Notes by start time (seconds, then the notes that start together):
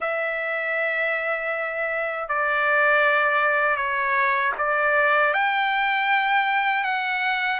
0.00 E5
2.28 D5
3.76 C#5
4.58 D5
5.33 G5
6.84 F#5